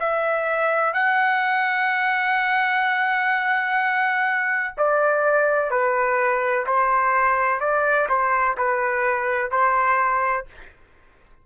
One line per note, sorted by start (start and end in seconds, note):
0.00 0.94 E5
0.94 4.74 F#5
4.77 5.71 D5
5.71 6.66 B4
6.67 7.60 C5
7.60 8.08 D5
8.09 8.57 C5
8.58 9.51 B4
9.51 10.46 C5